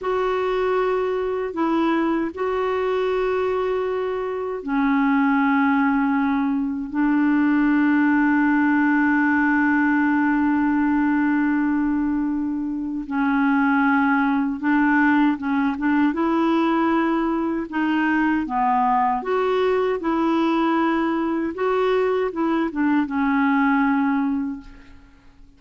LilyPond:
\new Staff \with { instrumentName = "clarinet" } { \time 4/4 \tempo 4 = 78 fis'2 e'4 fis'4~ | fis'2 cis'2~ | cis'4 d'2.~ | d'1~ |
d'4 cis'2 d'4 | cis'8 d'8 e'2 dis'4 | b4 fis'4 e'2 | fis'4 e'8 d'8 cis'2 | }